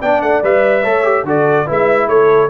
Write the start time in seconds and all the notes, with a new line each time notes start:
0.00 B3 D4 D5 G5
0.22 A3 F#5
0.43 G3 B4 E5
0.82 A3 A4 C#5
1.04 G4
1.24 D3 F#4 A4 D5
1.66 G#3 E4 B4 E5
2.08 A3 A4 C#5